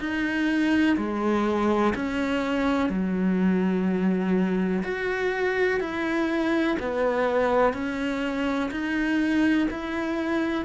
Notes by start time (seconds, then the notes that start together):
0.00 D#4
0.97 G#3
1.96 C#4
2.89 F#3
4.83 F#4
5.80 E4
6.79 B3
7.74 C#4
8.71 D#4
9.71 E4